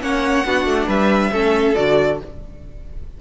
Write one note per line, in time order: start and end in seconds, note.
0.00 0.44 A#3
0.00 0.43 C#4
0.00 0.47 C#5
0.00 0.88 F#5
0.45 0.65 B3
0.45 1.32 D4
0.45 0.87 F#4
0.65 0.87 A3
0.87 1.31 G3
0.87 1.30 B4
0.87 1.74 E5
1.32 1.75 A3
1.32 1.76 C#4
1.32 2.19 A4
1.74 2.21 D3
1.74 2.19 F#4
1.74 2.18 D5